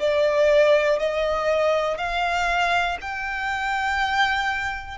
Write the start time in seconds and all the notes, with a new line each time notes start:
0.00 D5
1.00 D#5
1.98 F5
3.01 G5